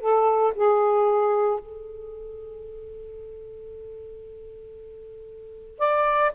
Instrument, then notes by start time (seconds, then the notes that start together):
saxophone
0.00 A4
0.55 G#4
1.59 A4
5.78 D5